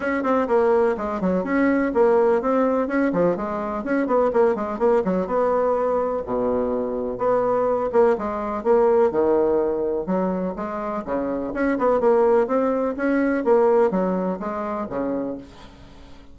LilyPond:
\new Staff \with { instrumentName = "bassoon" } { \time 4/4 \tempo 4 = 125 cis'8 c'8 ais4 gis8 fis8 cis'4 | ais4 c'4 cis'8 f8 gis4 | cis'8 b8 ais8 gis8 ais8 fis8 b4~ | b4 b,2 b4~ |
b8 ais8 gis4 ais4 dis4~ | dis4 fis4 gis4 cis4 | cis'8 b8 ais4 c'4 cis'4 | ais4 fis4 gis4 cis4 | }